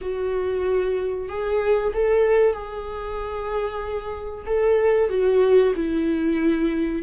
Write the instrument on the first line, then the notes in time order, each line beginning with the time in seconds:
viola
0.01 F#4
1.29 G#4
1.93 A4
2.53 G#4
4.45 A4
5.09 F#4
5.75 E4